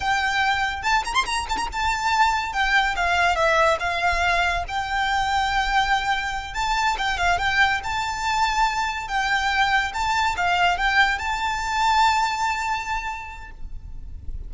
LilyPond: \new Staff \with { instrumentName = "violin" } { \time 4/4 \tempo 4 = 142 g''2 a''8 ais''16 c'''16 ais''8 a''16 ais''16 | a''2 g''4 f''4 | e''4 f''2 g''4~ | g''2.~ g''8 a''8~ |
a''8 g''8 f''8 g''4 a''4.~ | a''4. g''2 a''8~ | a''8 f''4 g''4 a''4.~ | a''1 | }